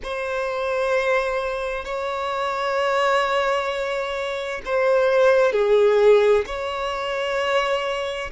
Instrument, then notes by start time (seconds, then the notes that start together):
violin
0.03 C5
1.85 C#5
4.64 C5
5.52 G#4
6.46 C#5